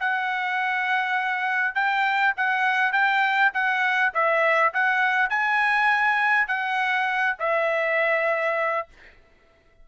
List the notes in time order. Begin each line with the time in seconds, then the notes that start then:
0.00 F#5
1.75 G5
2.37 F#5
2.92 G5
3.53 F#5
4.14 E5
4.74 F#5
5.30 G#5
6.48 F#5
7.39 E5